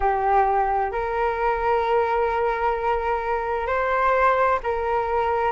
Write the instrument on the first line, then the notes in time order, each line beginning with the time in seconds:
flute
0.00 G4
0.91 A#4
3.66 C5
4.63 A#4